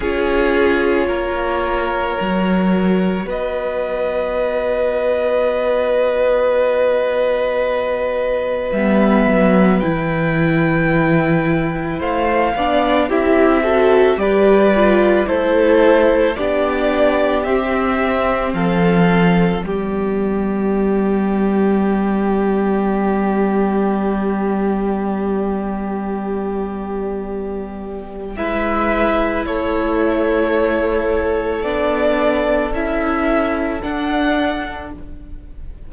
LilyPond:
<<
  \new Staff \with { instrumentName = "violin" } { \time 4/4 \tempo 4 = 55 cis''2. dis''4~ | dis''1 | e''4 g''2 f''4 | e''4 d''4 c''4 d''4 |
e''4 f''4 d''2~ | d''1~ | d''2 e''4 cis''4~ | cis''4 d''4 e''4 fis''4 | }
  \new Staff \with { instrumentName = "violin" } { \time 4/4 gis'4 ais'2 b'4~ | b'1~ | b'2. c''8 d''8 | g'8 a'8 b'4 a'4 g'4~ |
g'4 a'4 g'2~ | g'1~ | g'2 b'4 a'4~ | a'1 | }
  \new Staff \with { instrumentName = "viola" } { \time 4/4 f'2 fis'2~ | fis'1 | b4 e'2~ e'8 d'8 | e'8 fis'8 g'8 f'8 e'4 d'4 |
c'2 b2~ | b1~ | b2 e'2~ | e'4 d'4 e'4 d'4 | }
  \new Staff \with { instrumentName = "cello" } { \time 4/4 cis'4 ais4 fis4 b4~ | b1 | g8 fis8 e2 a8 b8 | c'4 g4 a4 b4 |
c'4 f4 g2~ | g1~ | g2 gis4 a4~ | a4 b4 cis'4 d'4 | }
>>